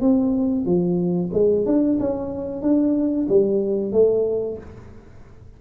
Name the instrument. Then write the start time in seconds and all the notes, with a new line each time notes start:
tuba
0.00 C4
0.65 F3
1.33 G#3
1.65 D4
1.99 C#4
2.61 D4
3.28 G3
3.92 A3